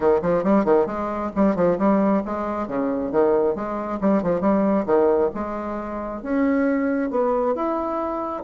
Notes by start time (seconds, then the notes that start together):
0.00 D#3
0.22 F3
0.43 G3
0.64 D#3
0.86 G#3
1.35 G3
1.55 F3
1.78 G3
2.25 G#3
2.67 C#3
3.11 D#3
3.55 G#3
4.00 G3
4.22 F3
4.40 G3
4.86 D#3
5.34 G#3
6.22 C#4
7.10 B3
7.55 E4